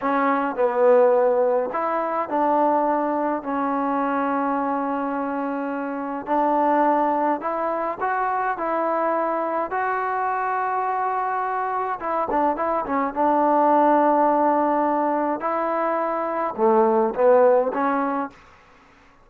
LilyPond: \new Staff \with { instrumentName = "trombone" } { \time 4/4 \tempo 4 = 105 cis'4 b2 e'4 | d'2 cis'2~ | cis'2. d'4~ | d'4 e'4 fis'4 e'4~ |
e'4 fis'2.~ | fis'4 e'8 d'8 e'8 cis'8 d'4~ | d'2. e'4~ | e'4 a4 b4 cis'4 | }